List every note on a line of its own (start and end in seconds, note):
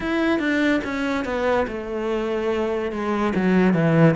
0.00 0.39 E4
0.39 0.81 D4
0.83 1.24 C#4
1.24 1.66 B3
1.67 2.91 A3
2.91 3.33 G#3
3.35 3.73 F#3
3.73 4.15 E3